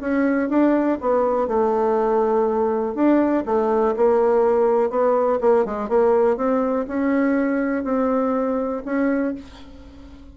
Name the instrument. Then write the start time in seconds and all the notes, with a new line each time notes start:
bassoon
0.00 C#4
0.49 D4
1.01 B3
1.47 A3
2.95 D4
3.45 A3
3.96 A#3
4.90 B3
5.41 A#3
5.65 G#3
5.89 A#3
6.36 C4
6.87 C#4
7.84 C4
8.85 C#4